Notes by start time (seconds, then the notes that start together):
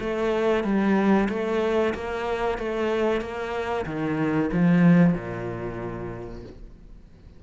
0.00 A3
0.64 G3
1.29 A3
1.94 A#3
2.58 A3
3.21 A#3
3.86 D#3
4.52 F3
5.14 A#2